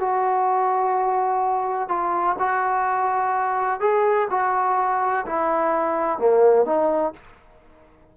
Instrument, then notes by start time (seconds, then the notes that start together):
trombone
0.00 F#4
1.89 F4
2.39 F#4
3.80 G#4
4.31 F#4
5.26 E4
6.19 A#3
6.65 D#4